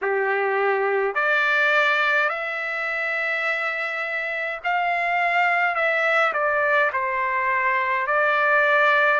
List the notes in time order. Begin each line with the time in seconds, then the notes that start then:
0.01 G4
1.14 D5
2.29 E5
4.64 F5
5.75 E5
6.33 D5
6.92 C5
8.07 D5